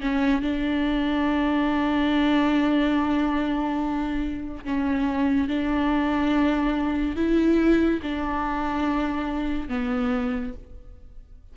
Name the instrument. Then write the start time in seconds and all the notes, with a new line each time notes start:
viola
0.00 C#4
0.41 D4
4.64 C#4
5.48 D4
7.16 E4
8.02 D4
9.68 B3